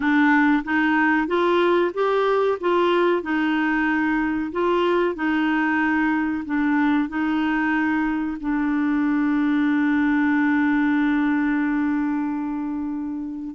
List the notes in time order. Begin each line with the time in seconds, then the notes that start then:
0.00 D4
0.64 D#4
1.27 F4
1.94 G4
2.60 F4
3.22 D#4
4.52 F4
5.15 D#4
6.45 D4
7.08 D#4
8.40 D4